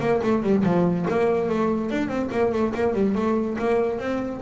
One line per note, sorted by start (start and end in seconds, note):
0.00 0.21 A#3
0.23 0.43 A3
0.43 0.64 G3
0.64 1.06 F3
1.10 1.49 A#3
1.49 1.91 A3
1.91 2.08 D4
2.08 2.29 C4
2.32 2.52 A#3
2.52 2.73 A3
2.74 2.94 A#3
2.94 3.15 G3
3.15 3.57 A3
3.59 3.99 A#3
3.99 4.41 C4